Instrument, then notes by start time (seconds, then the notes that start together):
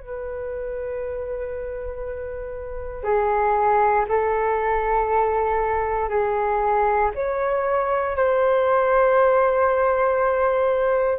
flute
0.00 B4
3.04 G#4
4.09 A4
6.09 G#4
7.15 C#5
8.16 C5